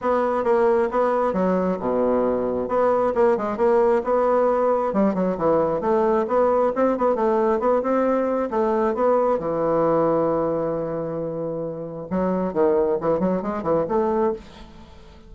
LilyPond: \new Staff \with { instrumentName = "bassoon" } { \time 4/4 \tempo 4 = 134 b4 ais4 b4 fis4 | b,2 b4 ais8 gis8 | ais4 b2 g8 fis8 | e4 a4 b4 c'8 b8 |
a4 b8 c'4. a4 | b4 e2.~ | e2. fis4 | dis4 e8 fis8 gis8 e8 a4 | }